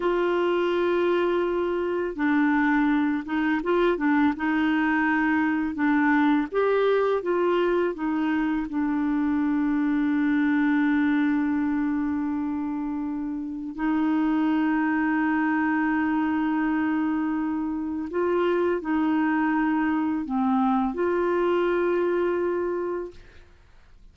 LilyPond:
\new Staff \with { instrumentName = "clarinet" } { \time 4/4 \tempo 4 = 83 f'2. d'4~ | d'8 dis'8 f'8 d'8 dis'2 | d'4 g'4 f'4 dis'4 | d'1~ |
d'2. dis'4~ | dis'1~ | dis'4 f'4 dis'2 | c'4 f'2. | }